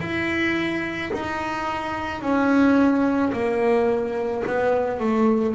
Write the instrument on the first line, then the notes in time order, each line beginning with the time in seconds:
double bass
0.00 E4
1.13 D#4
2.21 C#4
3.32 A#3
4.46 B3
4.99 A3